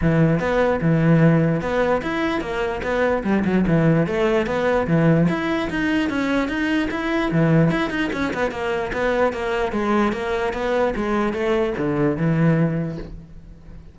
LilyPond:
\new Staff \with { instrumentName = "cello" } { \time 4/4 \tempo 4 = 148 e4 b4 e2 | b4 e'4 ais4 b4 | g8 fis8 e4 a4 b4 | e4 e'4 dis'4 cis'4 |
dis'4 e'4 e4 e'8 dis'8 | cis'8 b8 ais4 b4 ais4 | gis4 ais4 b4 gis4 | a4 d4 e2 | }